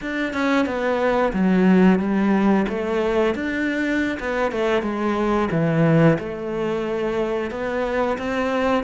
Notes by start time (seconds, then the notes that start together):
0.01 D4
0.33 C#4
0.65 B3
1.33 F#3
1.99 G3
2.68 A3
3.35 D4
4.19 B3
4.51 A3
4.82 G#3
5.51 E3
6.18 A3
7.51 B3
8.18 C4